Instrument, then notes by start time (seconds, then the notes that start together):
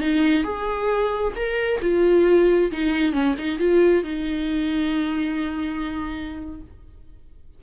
viola
0.00 D#4
0.44 G#4
1.36 A#4
1.82 F4
2.72 D#4
3.13 C#4
3.38 D#4
3.59 F4
4.04 D#4